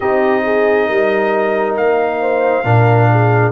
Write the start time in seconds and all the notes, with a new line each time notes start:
0.00 C4 D#4 G4 D#5
0.44 G#4
0.86 G3 A#4
1.76 A#3 F5
2.20 C5
2.64 A#2 D4 A#4
3.10 G#4